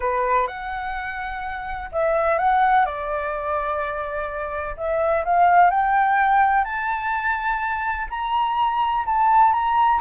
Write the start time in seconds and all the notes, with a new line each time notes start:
0.00 B4
0.47 F#5
1.92 E5
2.38 F#5
2.85 D5
4.76 E5
5.24 F5
5.70 G5
6.64 A5
8.10 A#5
9.05 A5
9.52 A#5